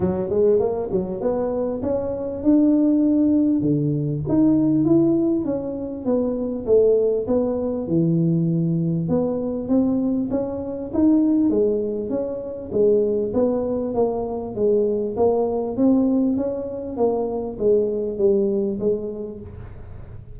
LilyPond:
\new Staff \with { instrumentName = "tuba" } { \time 4/4 \tempo 4 = 99 fis8 gis8 ais8 fis8 b4 cis'4 | d'2 d4 dis'4 | e'4 cis'4 b4 a4 | b4 e2 b4 |
c'4 cis'4 dis'4 gis4 | cis'4 gis4 b4 ais4 | gis4 ais4 c'4 cis'4 | ais4 gis4 g4 gis4 | }